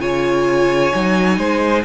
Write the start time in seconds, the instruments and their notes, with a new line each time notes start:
0.00 cello C#3, viola F4, violin C#5 G#5
0.92 cello F#3, viola D#4
1.37 cello G#3, violin C5